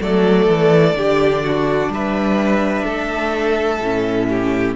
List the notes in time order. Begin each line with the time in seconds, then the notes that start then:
0.00 F#3 A3 A4 D5
0.47 E3
0.95 D3 D4 G4
1.43 F#4
1.88 G3 B4 E5
2.84 A3 A4
3.80 A2 C#4
4.29 G4